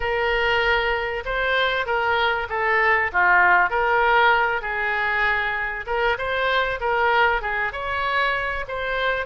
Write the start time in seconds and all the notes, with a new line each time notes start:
0.00 A#4
1.25 C5
1.86 A#4
2.49 A4
3.12 F4
3.69 A#4
4.61 G#4
5.86 A#4
6.17 C5
6.80 A#4
7.41 G#4
7.72 C#5
8.68 C5